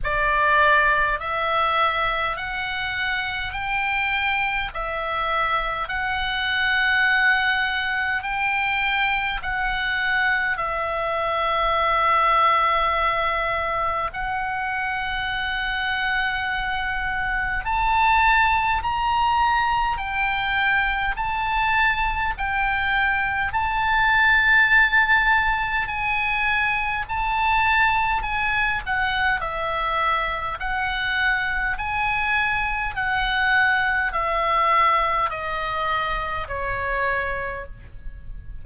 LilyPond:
\new Staff \with { instrumentName = "oboe" } { \time 4/4 \tempo 4 = 51 d''4 e''4 fis''4 g''4 | e''4 fis''2 g''4 | fis''4 e''2. | fis''2. a''4 |
ais''4 g''4 a''4 g''4 | a''2 gis''4 a''4 | gis''8 fis''8 e''4 fis''4 gis''4 | fis''4 e''4 dis''4 cis''4 | }